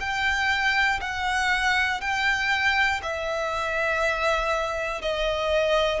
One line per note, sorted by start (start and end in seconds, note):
0.00 1.00 G5
1.00 2.00 F#5
2.00 3.00 G5
3.02 5.01 E5
5.01 6.00 D#5